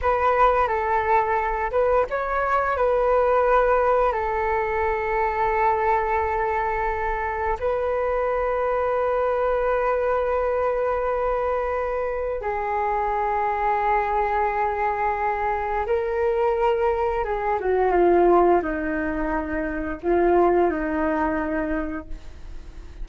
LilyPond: \new Staff \with { instrumentName = "flute" } { \time 4/4 \tempo 4 = 87 b'4 a'4. b'8 cis''4 | b'2 a'2~ | a'2. b'4~ | b'1~ |
b'2 gis'2~ | gis'2. ais'4~ | ais'4 gis'8 fis'8 f'4 dis'4~ | dis'4 f'4 dis'2 | }